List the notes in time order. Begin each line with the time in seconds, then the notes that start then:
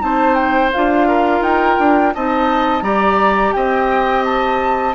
0.00 C4 D#4 C5 A5
0.35 G5
0.73 D4 F4 F5
1.08 A#4
1.41 D#4 G5
1.79 D4
2.15 C4 D#4 D#5 A5
2.82 G3 G4 D5 A#5
3.53 C4 D#5 G5
4.25 A5